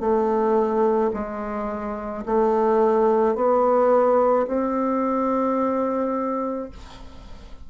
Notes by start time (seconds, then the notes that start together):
0.00 A3
1.14 G#3
2.26 A3
3.35 B3
4.47 C4